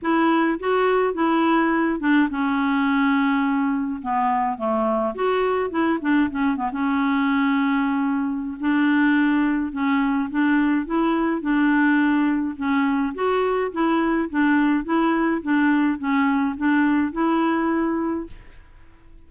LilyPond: \new Staff \with { instrumentName = "clarinet" } { \time 4/4 \tempo 4 = 105 e'4 fis'4 e'4. d'8 | cis'2. b4 | a4 fis'4 e'8 d'8 cis'8 b16 cis'16~ | cis'2. d'4~ |
d'4 cis'4 d'4 e'4 | d'2 cis'4 fis'4 | e'4 d'4 e'4 d'4 | cis'4 d'4 e'2 | }